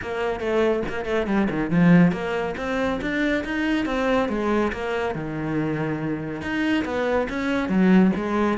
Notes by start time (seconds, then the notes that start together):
0.01 A#3
0.40 A3
0.88 A#3
1.05 A3
1.26 G3
1.50 D#3
1.70 F3
2.11 A#3
2.57 C4
3.01 D4
3.44 D#4
3.85 C4
4.29 G#3
4.72 A#3
5.14 D#3
6.41 D#4
6.84 B3
7.29 C#4
7.69 F#3
8.16 G#3